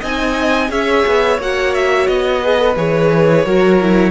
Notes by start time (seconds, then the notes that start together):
0.00 C4 D#4 D#5 G#5
0.68 C#4 G#4 C#5 E5
1.06 B3
1.38 A#3 F#4 F#5
1.74 E5
2.07 B3 D#5
2.42 G#4 B4
2.57 A4
2.76 E3 G#4 C#5
3.45 F#3 F#4 A#4
3.80 E4